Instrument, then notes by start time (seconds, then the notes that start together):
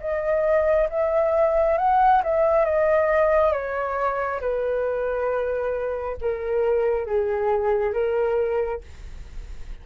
flute
0.00 D#5
0.89 E5
1.78 F#5
2.23 E5
2.65 D#5
3.52 C#5
4.40 B4
6.21 A#4
7.06 G#4
7.93 A#4